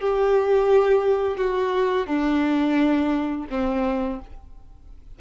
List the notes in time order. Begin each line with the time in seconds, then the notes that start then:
0.00 G4
1.37 F#4
2.07 D4
3.50 C4